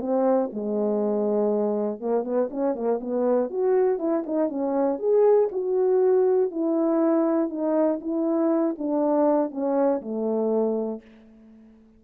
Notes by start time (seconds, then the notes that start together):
0.00 C4
0.53 G#3
2.00 A#3
2.24 B3
2.51 C#4
2.75 A#3
3.01 B3
3.50 F#4
3.99 E4
4.26 D#4
4.49 C#4
4.99 G#4
5.52 F#4
6.51 E4
7.49 D#4
8.01 E4
8.78 D4
9.51 C#4
10.01 A3